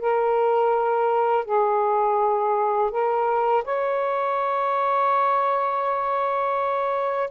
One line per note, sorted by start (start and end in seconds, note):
0.00 1.45 A#4
1.45 2.91 G#4
2.91 3.64 A#4
3.64 7.30 C#5